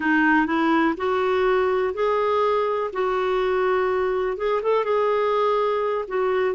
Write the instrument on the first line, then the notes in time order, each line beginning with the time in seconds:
clarinet
0.00 D#4
0.46 E4
0.97 F#4
1.94 G#4
2.93 F#4
4.37 G#4
4.62 A4
4.84 G#4
6.07 F#4